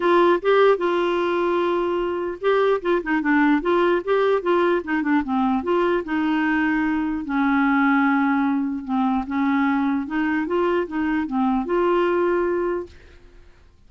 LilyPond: \new Staff \with { instrumentName = "clarinet" } { \time 4/4 \tempo 4 = 149 f'4 g'4 f'2~ | f'2 g'4 f'8 dis'8 | d'4 f'4 g'4 f'4 | dis'8 d'8 c'4 f'4 dis'4~ |
dis'2 cis'2~ | cis'2 c'4 cis'4~ | cis'4 dis'4 f'4 dis'4 | c'4 f'2. | }